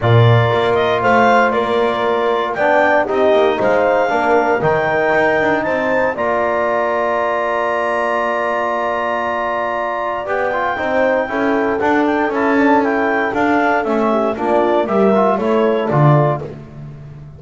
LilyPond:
<<
  \new Staff \with { instrumentName = "clarinet" } { \time 4/4 \tempo 4 = 117 d''4. dis''8 f''4 d''4~ | d''4 g''4 dis''4 f''4~ | f''4 g''2 a''4 | ais''1~ |
ais''1 | g''2. fis''8 g''8 | a''4 g''4 f''4 e''4 | d''4 e''4 cis''4 d''4 | }
  \new Staff \with { instrumentName = "horn" } { \time 4/4 ais'2 c''4 ais'4~ | ais'4 d''4 g'4 c''4 | ais'2. c''4 | d''1~ |
d''1~ | d''4 c''4 a'2~ | a'2.~ a'8 g'8 | f'4 ais'4 a'2 | }
  \new Staff \with { instrumentName = "trombone" } { \time 4/4 f'1~ | f'4 d'4 dis'2 | d'4 dis'2. | f'1~ |
f'1 | g'8 f'8 dis'4 e'4 d'4 | e'8 d'8 e'4 d'4 cis'4 | d'4 g'8 f'8 e'4 f'4 | }
  \new Staff \with { instrumentName = "double bass" } { \time 4/4 ais,4 ais4 a4 ais4~ | ais4 b4 c'8 ais8 gis4 | ais4 dis4 dis'8 d'8 c'4 | ais1~ |
ais1 | b4 c'4 cis'4 d'4 | cis'2 d'4 a4 | ais4 g4 a4 d4 | }
>>